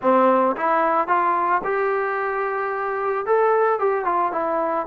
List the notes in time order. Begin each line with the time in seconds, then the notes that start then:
0.01 C4
0.56 E4
1.07 F4
1.64 G4
3.26 A4
3.79 G4
4.04 F4
4.32 E4